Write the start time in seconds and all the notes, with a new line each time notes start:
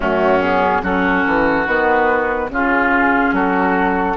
0.00 F#2 A3 C#4 F#4
0.41 B3 G#4
0.82 F#3 C#4 F#4 A4
1.26 E3
1.66 D#3 B3 B4
2.49 C#3 C#4 F4 G#4
3.32 F#3 F#4 A4